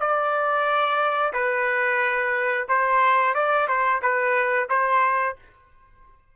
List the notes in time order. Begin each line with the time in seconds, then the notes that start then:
0.00 D5
1.34 B4
2.69 C5
3.35 D5
3.68 C5
4.02 B4
4.70 C5